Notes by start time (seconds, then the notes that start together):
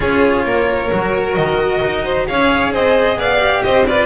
0.00 C#4 F4 G#4 C#5
0.44 A#3 A#4
0.91 F#3 F#4
1.34 D#3 D#5
1.83 D#4
2.04 C5
2.26 C#4 G#4 C#5 F5
2.72 C4 C5 D#5
3.16 B3 D5 F5
3.38 G4
3.62 C4 C5 D#5
3.87 F4 B4 D5